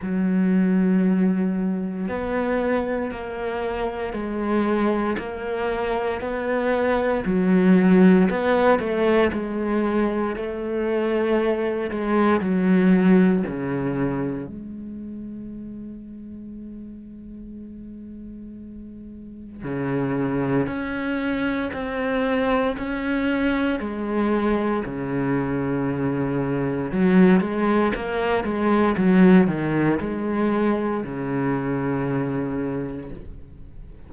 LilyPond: \new Staff \with { instrumentName = "cello" } { \time 4/4 \tempo 4 = 58 fis2 b4 ais4 | gis4 ais4 b4 fis4 | b8 a8 gis4 a4. gis8 | fis4 cis4 gis2~ |
gis2. cis4 | cis'4 c'4 cis'4 gis4 | cis2 fis8 gis8 ais8 gis8 | fis8 dis8 gis4 cis2 | }